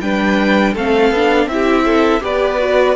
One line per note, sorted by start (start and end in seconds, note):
0.00 0.75 G3
0.00 0.75 D4
0.00 0.73 B4
0.00 0.74 G5
0.73 1.10 A3
0.73 1.14 C4
0.73 1.47 A4
0.73 1.48 F5
1.10 1.46 B3
1.10 1.50 D4
1.46 2.20 C4
1.46 2.20 E4
1.46 2.22 E5
1.52 1.84 G4
1.84 2.21 A4
2.20 2.96 B3
2.20 2.57 G4
2.20 2.96 B4
2.20 2.96 D5
2.58 2.95 F#4